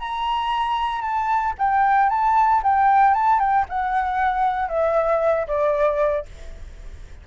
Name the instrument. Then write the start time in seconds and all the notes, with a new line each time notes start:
flute
0.00 A#5
1.02 A5
1.58 G5
2.10 A5
2.63 G5
3.14 A5
3.40 G5
3.69 F#5
4.69 E5
5.47 D5